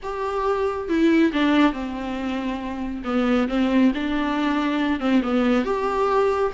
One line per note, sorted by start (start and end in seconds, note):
0.03 0.88 G4
0.88 1.32 E4
1.33 1.72 D4
1.72 3.02 C4
3.04 3.48 B3
3.48 3.92 C4
3.94 5.00 D4
5.00 5.21 C4
5.22 5.65 B3
5.65 6.52 G4